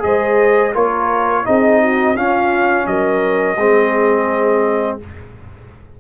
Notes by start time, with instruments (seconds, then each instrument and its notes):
0.00 tuba G#3, trombone G#4, horn C5, trumpet D#5
0.74 tuba A#3, trombone F4, horn A#4, trumpet C#5
1.45 tuba C4, trombone D#4, horn G#4, trumpet D#5
1.81 horn F#4
2.15 tuba C#4, trombone C#4, horn F4, trumpet F5
2.87 tuba F#3, horn A#4, trumpet D#5
3.57 tuba G#3, trombone C4, horn G#4